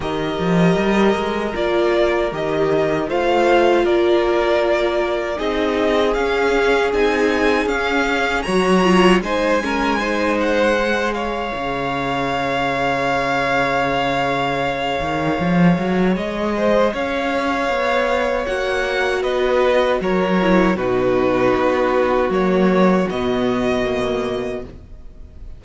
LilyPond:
<<
  \new Staff \with { instrumentName = "violin" } { \time 4/4 \tempo 4 = 78 dis''2 d''4 dis''4 | f''4 d''2 dis''4 | f''4 gis''4 f''4 ais''4 | gis''4. fis''4 f''4.~ |
f''1~ | f''4 dis''4 f''2 | fis''4 dis''4 cis''4 b'4~ | b'4 cis''4 dis''2 | }
  \new Staff \with { instrumentName = "violin" } { \time 4/4 ais'1 | c''4 ais'2 gis'4~ | gis'2. cis''4 | c''8 ais'8 c''4. cis''4.~ |
cis''1~ | cis''4. c''8 cis''2~ | cis''4 b'4 ais'4 fis'4~ | fis'1 | }
  \new Staff \with { instrumentName = "viola" } { \time 4/4 g'2 f'4 g'4 | f'2. dis'4 | cis'4 dis'4 cis'4 fis'8 f'8 | dis'8 cis'8 dis'4 gis'2~ |
gis'1~ | gis'1 | fis'2~ fis'8 e'8 dis'4~ | dis'4 ais4 b4 ais4 | }
  \new Staff \with { instrumentName = "cello" } { \time 4/4 dis8 f8 g8 gis8 ais4 dis4 | a4 ais2 c'4 | cis'4 c'4 cis'4 fis4 | gis2. cis4~ |
cis2.~ cis8 dis8 | f8 fis8 gis4 cis'4 b4 | ais4 b4 fis4 b,4 | b4 fis4 b,2 | }
>>